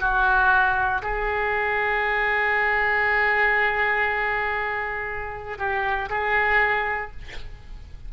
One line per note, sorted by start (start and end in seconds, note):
0.00 1.02 F#4
1.03 5.58 G#4
5.58 6.09 G4
6.10 7.11 G#4